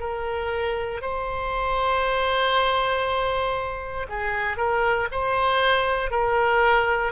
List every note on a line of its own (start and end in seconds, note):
0.00 1.02 A#4
1.02 4.07 C5
4.09 4.57 G#4
4.57 5.08 A#4
5.12 6.11 C5
6.11 7.12 A#4